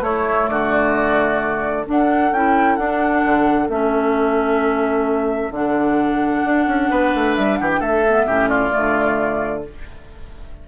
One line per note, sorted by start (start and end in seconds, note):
0.00 0.46 A3
0.00 1.84 A3
0.00 0.50 E4
0.00 0.47 C#5
0.47 1.86 D3
0.47 1.86 F#4
0.47 1.84 D5
1.86 2.31 D4
1.86 6.90 A4
1.86 2.33 F#5
2.31 2.77 C#4
2.31 2.79 E4
2.31 2.76 G5
2.76 3.23 D4
2.76 3.69 D4
2.76 3.67 F#5
3.24 3.68 D3
3.68 5.50 A3
3.68 5.52 C#4
3.68 5.53 E5
5.50 6.42 D3
5.50 8.05 D4
5.50 7.35 F#5
6.44 6.66 D4
6.66 6.89 C#4
6.90 7.13 B3
6.90 7.58 B4
7.14 7.37 A3
7.35 7.60 G3
7.35 7.56 E5
7.56 7.80 E3
7.56 7.80 G4
7.56 7.68 F#5
7.69 7.81 G5
7.80 8.26 A3
7.80 8.25 A4
7.80 8.48 E5
8.06 8.28 B3
8.26 8.71 A2
8.26 8.70 C#4
8.26 8.49 G4
8.48 9.63 F4
8.48 9.62 D5
8.70 9.61 A3
8.76 9.68 D3